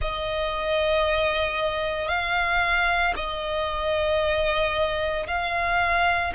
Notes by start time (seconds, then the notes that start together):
0.00 D#5
2.08 F5
3.16 D#5
5.27 F5